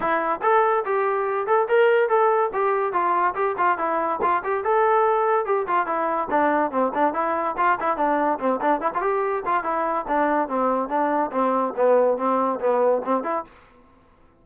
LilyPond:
\new Staff \with { instrumentName = "trombone" } { \time 4/4 \tempo 4 = 143 e'4 a'4 g'4. a'8 | ais'4 a'4 g'4 f'4 | g'8 f'8 e'4 f'8 g'8 a'4~ | a'4 g'8 f'8 e'4 d'4 |
c'8 d'8 e'4 f'8 e'8 d'4 | c'8 d'8 e'16 f'16 g'4 f'8 e'4 | d'4 c'4 d'4 c'4 | b4 c'4 b4 c'8 e'8 | }